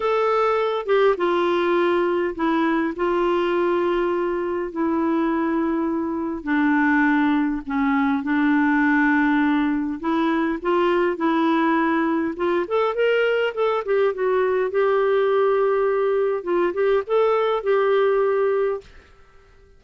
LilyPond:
\new Staff \with { instrumentName = "clarinet" } { \time 4/4 \tempo 4 = 102 a'4. g'8 f'2 | e'4 f'2. | e'2. d'4~ | d'4 cis'4 d'2~ |
d'4 e'4 f'4 e'4~ | e'4 f'8 a'8 ais'4 a'8 g'8 | fis'4 g'2. | f'8 g'8 a'4 g'2 | }